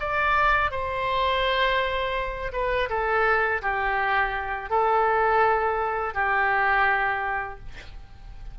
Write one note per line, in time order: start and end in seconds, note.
0.00 0.71 D5
0.71 2.52 C5
2.53 2.89 B4
2.89 3.62 A4
3.62 4.70 G4
4.70 6.14 A4
6.15 7.59 G4